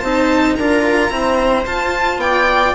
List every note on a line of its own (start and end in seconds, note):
0.00 0.56 C4
0.00 0.59 D#4
0.00 0.55 C5
0.00 0.55 A5
0.55 1.09 D4
0.55 1.11 F4
0.55 1.12 A#4
0.55 1.64 A#5
1.09 1.65 C4
1.09 1.64 E4
1.09 2.22 C5
1.66 2.75 F4
1.66 2.17 F4
1.66 2.20 A5
2.17 2.72 B3
2.17 2.75 D5
2.17 2.75 G5